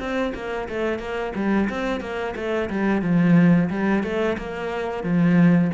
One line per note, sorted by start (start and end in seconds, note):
0.00 0.34 C4
0.35 0.69 A#3
0.69 1.00 A3
1.00 1.33 A#3
1.36 1.70 G3
1.70 2.01 C4
2.01 2.35 A#3
2.36 2.70 A3
2.70 3.02 G3
3.02 3.70 F3
3.70 4.04 G3
4.04 4.38 A3
4.38 5.04 A#3
5.04 5.72 F3